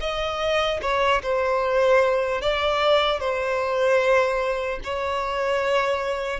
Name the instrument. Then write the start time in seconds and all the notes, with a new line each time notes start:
violin
0.00 D#5
0.81 C#5
1.22 C5
2.41 D5
3.20 C5
4.84 C#5